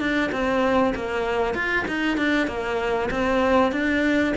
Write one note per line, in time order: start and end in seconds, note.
0.00 0.31 D4
0.32 0.94 C4
0.95 1.55 A#3
1.55 1.86 F4
1.88 2.18 D#4
2.18 2.48 D4
2.48 3.10 A#3
3.11 3.72 C4
3.72 4.34 D4